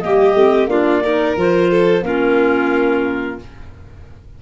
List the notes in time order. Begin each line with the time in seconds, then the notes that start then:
0.00 G3 A#3 G4 D#5
0.35 A3 C4
0.67 A#3 D4 F4 D5
1.02 D#4 A#4
1.37 F3 F4 C5
1.71 A4
2.02 A#3 C#4 F4 A#4